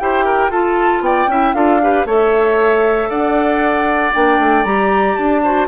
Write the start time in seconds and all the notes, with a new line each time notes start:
0.00 E4 G4 C5 G5
0.25 A#4
0.49 F4 A4 A5
1.01 B3 D5 G5
1.27 C#4 E4 E5
1.54 D4 F4 A4 F5
1.82 G4 B4
2.06 A3 A4 C#5 E5
3.10 D4 D5 F#5
4.14 A#3 D4 G5
4.39 A3
4.64 G3 G4 A#5
5.16 D4 A5
5.44 F#4 C5